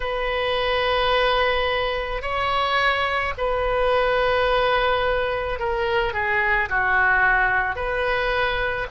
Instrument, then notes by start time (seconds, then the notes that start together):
oboe
0.00 B4
2.22 C#5
3.37 B4
5.59 A#4
6.13 G#4
6.69 F#4
7.75 B4